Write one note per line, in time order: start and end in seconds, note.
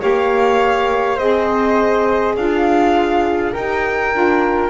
0.00 1.19 A#3
0.00 1.18 G4
0.00 1.17 C#5
0.00 1.18 F5
1.17 2.37 C4
1.17 3.55 G#4
1.17 2.34 C5
1.17 2.36 D#5
2.37 3.54 D4
2.37 3.53 F4
2.37 3.54 F5
3.53 4.14 D#4
3.53 4.13 G4
3.53 4.70 A#4
3.53 4.70 G5
4.13 4.70 D4
4.13 4.70 F4